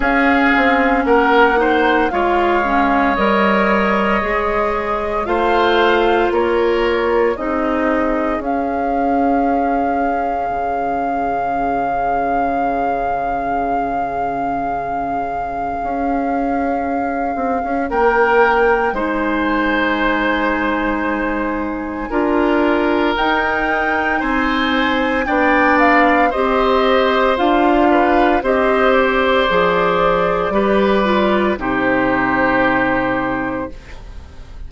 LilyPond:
<<
  \new Staff \with { instrumentName = "flute" } { \time 4/4 \tempo 4 = 57 f''4 fis''4 f''4 dis''4~ | dis''4 f''4 cis''4 dis''4 | f''1~ | f''1~ |
f''4 g''4 gis''2~ | gis''2 g''4 gis''4 | g''8 f''8 dis''4 f''4 dis''8 d''8~ | d''2 c''2 | }
  \new Staff \with { instrumentName = "oboe" } { \time 4/4 gis'4 ais'8 c''8 cis''2~ | cis''4 c''4 ais'4 gis'4~ | gis'1~ | gis'1~ |
gis'4 ais'4 c''2~ | c''4 ais'2 c''4 | d''4 c''4. b'8 c''4~ | c''4 b'4 g'2 | }
  \new Staff \with { instrumentName = "clarinet" } { \time 4/4 cis'4. dis'8 f'8 cis'8 ais'4 | gis'4 f'2 dis'4 | cis'1~ | cis'1~ |
cis'2 dis'2~ | dis'4 f'4 dis'2 | d'4 g'4 f'4 g'4 | gis'4 g'8 f'8 dis'2 | }
  \new Staff \with { instrumentName = "bassoon" } { \time 4/4 cis'8 c'8 ais4 gis4 g4 | gis4 a4 ais4 c'4 | cis'2 cis2~ | cis2. cis'4~ |
cis'8 c'16 cis'16 ais4 gis2~ | gis4 d'4 dis'4 c'4 | b4 c'4 d'4 c'4 | f4 g4 c2 | }
>>